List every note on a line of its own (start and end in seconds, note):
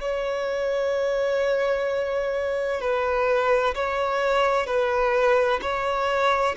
0.00 2.80 C#5
2.80 3.74 B4
3.74 4.66 C#5
4.66 5.60 B4
5.61 6.55 C#5